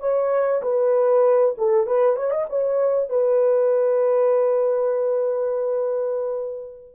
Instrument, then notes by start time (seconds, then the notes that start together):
horn
0.00 C#5
0.62 B4
1.58 A4
1.86 B4
2.16 C#5
2.31 D#5
2.49 C#5
3.09 B4